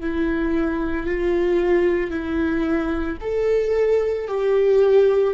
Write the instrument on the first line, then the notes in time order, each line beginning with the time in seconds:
viola
0.00 E4
1.07 F4
2.10 E4
3.21 A4
4.28 G4